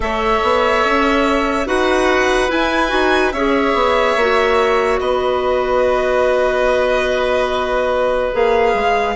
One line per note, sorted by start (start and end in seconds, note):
0.00 0.39 A3
0.00 1.66 A4
0.00 1.67 C#5
0.00 1.67 E5
0.43 0.84 B3
0.84 1.66 C#4
1.66 2.50 D#4
1.66 2.48 F#4
1.66 3.33 B4
1.66 2.51 F#5
2.48 2.88 E4
2.48 2.91 E4
2.48 3.32 G#5
2.88 3.33 D#4
2.88 3.30 F#4
3.32 3.73 C#4
3.32 4.19 G#4
3.32 5.00 C#5
3.32 4.99 E5
3.73 4.15 B3
4.16 4.99 A#3
4.16 8.33 F#4
4.99 8.32 B3
4.99 9.15 B4
4.99 8.33 D#5
8.33 8.73 A#3
8.33 9.15 G#4
8.33 9.15 F5
8.73 9.15 G#3